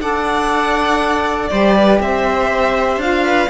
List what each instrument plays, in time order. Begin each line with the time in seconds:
0.00 cello D4, saxophone A4, viola D5, violin F#5
1.48 cello G3, saxophone G4, viola C5, violin D5
1.76 viola B4
2.00 cello C4, viola C5, violin E5
2.97 cello D4, saxophone F4, violin F5
3.25 viola B4